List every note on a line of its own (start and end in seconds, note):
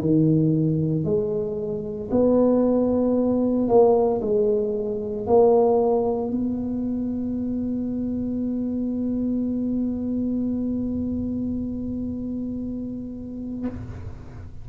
0.00 1.04 D#3
1.04 2.10 G#3
2.11 3.67 B3
3.67 4.20 A#3
4.21 5.26 G#3
5.26 6.31 A#3
6.31 13.67 B3